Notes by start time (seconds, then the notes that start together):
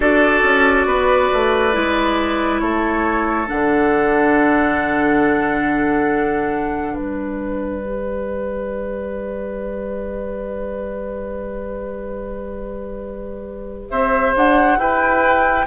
0.00 D4 F#4 A4 D5
0.43 C#4
0.86 B3 B4
1.33 A3
1.72 G#3 E4
2.59 A3 A4 C#5
3.47 D3 D4 F#5
6.92 G3 B4 D5
7.81 G4
13.90 C4 C5 E5
14.36 D4 F#5
14.77 E4 B4 G5